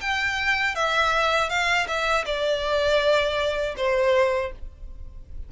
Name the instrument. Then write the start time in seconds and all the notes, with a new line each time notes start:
violin
0.00 G5
0.75 E5
1.49 F5
1.87 E5
2.25 D5
3.77 C5